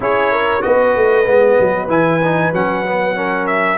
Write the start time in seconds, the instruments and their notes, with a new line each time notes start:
0.00 tuba C#4, trombone E4, horn G#4, trumpet C#5
0.31 horn A#4
0.61 tuba B3, trombone F#4, horn B4, trumpet D#5
0.96 tuba A3
1.25 tuba G#3, trombone B3
1.59 tuba F#3
1.88 tuba E3, trombone E4, trumpet G#5
2.23 trombone D#4
2.52 tuba F#3, trombone C#4, trumpet F#5
2.85 trombone B3
3.15 trombone C#4, horn A#4
3.47 trumpet E5